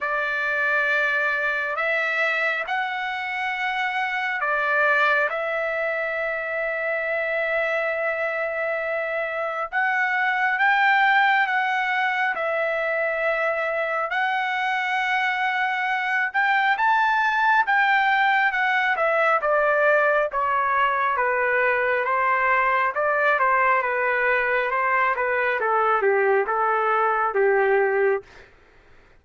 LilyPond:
\new Staff \with { instrumentName = "trumpet" } { \time 4/4 \tempo 4 = 68 d''2 e''4 fis''4~ | fis''4 d''4 e''2~ | e''2. fis''4 | g''4 fis''4 e''2 |
fis''2~ fis''8 g''8 a''4 | g''4 fis''8 e''8 d''4 cis''4 | b'4 c''4 d''8 c''8 b'4 | c''8 b'8 a'8 g'8 a'4 g'4 | }